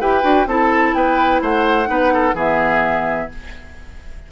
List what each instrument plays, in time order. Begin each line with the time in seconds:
0.00 bassoon E4, clarinet G4, oboe B4, flute G5
0.22 bassoon D4, clarinet F#4
0.46 bassoon C4, clarinet E4, oboe A4, flute A5
0.94 bassoon B3, oboe B4, flute G5
1.41 bassoon A3, oboe C5, flute F#5
1.86 bassoon B3, clarinet D#4, oboe B4
2.13 oboe A4
2.34 bassoon E3, clarinet B3, oboe G#4, flute E5